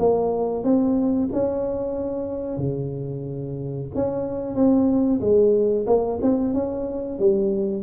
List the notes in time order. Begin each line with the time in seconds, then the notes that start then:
0.00 A#3
0.64 C4
1.33 C#4
2.58 C#3
3.95 C#4
4.56 C4
5.21 G#3
5.87 A#3
6.22 C4
6.55 C#4
7.19 G3